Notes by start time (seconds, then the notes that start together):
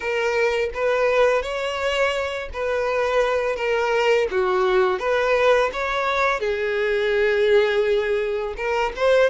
0.00 A#4
0.74 B4
1.42 C#5
2.53 B4
3.56 A#4
4.31 F#4
4.99 B4
5.72 C#5
6.40 G#4
8.56 A#4
8.96 C5